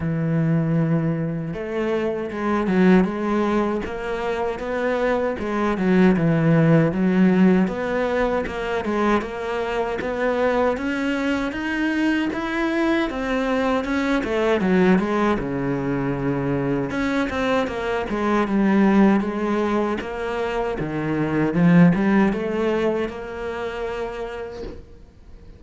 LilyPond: \new Staff \with { instrumentName = "cello" } { \time 4/4 \tempo 4 = 78 e2 a4 gis8 fis8 | gis4 ais4 b4 gis8 fis8 | e4 fis4 b4 ais8 gis8 | ais4 b4 cis'4 dis'4 |
e'4 c'4 cis'8 a8 fis8 gis8 | cis2 cis'8 c'8 ais8 gis8 | g4 gis4 ais4 dis4 | f8 g8 a4 ais2 | }